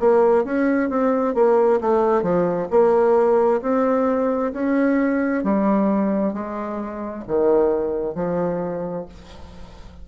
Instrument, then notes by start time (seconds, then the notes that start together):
bassoon
0.00 A#3
0.45 C#4
0.90 C4
1.35 A#3
1.81 A3
2.23 F3
2.71 A#3
3.62 C4
4.53 C#4
5.44 G3
6.33 G#3
7.28 D#3
8.15 F3